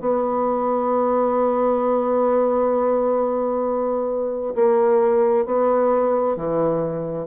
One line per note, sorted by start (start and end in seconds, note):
0.00 4.55 B3
4.55 5.45 A#3
5.45 6.36 B3
6.37 7.27 E3